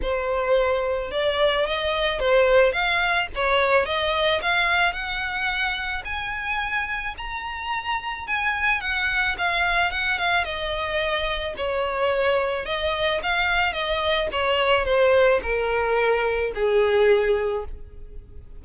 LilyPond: \new Staff \with { instrumentName = "violin" } { \time 4/4 \tempo 4 = 109 c''2 d''4 dis''4 | c''4 f''4 cis''4 dis''4 | f''4 fis''2 gis''4~ | gis''4 ais''2 gis''4 |
fis''4 f''4 fis''8 f''8 dis''4~ | dis''4 cis''2 dis''4 | f''4 dis''4 cis''4 c''4 | ais'2 gis'2 | }